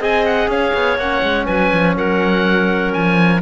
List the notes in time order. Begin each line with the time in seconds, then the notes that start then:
0.00 C4 G#4 D#5 G#5
0.25 F#5
0.48 C#4 C#5 F5
0.74 B3
0.98 A#3 C#4 F#5
1.22 G#3
1.46 F#3 B4 G#5
1.73 F3
1.96 F#3 A#4 F#5
2.92 F3 G#5